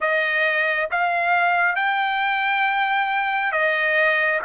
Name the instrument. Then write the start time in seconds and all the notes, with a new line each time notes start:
trumpet
0.00 D#5
0.90 F5
1.75 G5
3.51 D#5